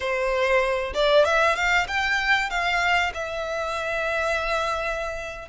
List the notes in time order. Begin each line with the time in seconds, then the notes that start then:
0.00 C5
0.94 D5
1.24 E5
1.55 F5
1.87 G5
2.49 F5
3.14 E5